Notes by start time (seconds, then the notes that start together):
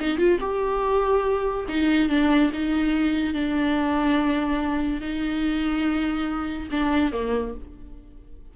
0.00 D#4
0.18 F4
0.40 G4
1.68 D#4
2.09 D4
2.53 D#4
3.34 D4
5.01 D#4
6.71 D4
7.12 A#3